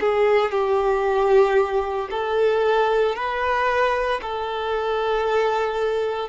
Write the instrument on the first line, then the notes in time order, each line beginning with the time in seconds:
violin
0.00 G#4
0.51 G4
2.11 A4
3.15 B4
4.22 A4